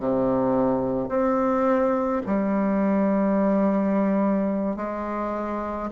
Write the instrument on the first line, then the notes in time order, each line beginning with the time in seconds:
bassoon
0.00 C3
1.09 C4
2.27 G3
4.77 G#3